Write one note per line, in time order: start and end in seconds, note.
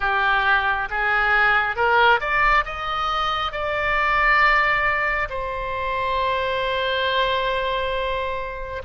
0.00 0.88 G4
0.89 1.76 G#4
1.76 2.20 A#4
2.20 2.64 D5
2.65 3.51 D#5
3.51 5.28 D5
5.29 8.82 C5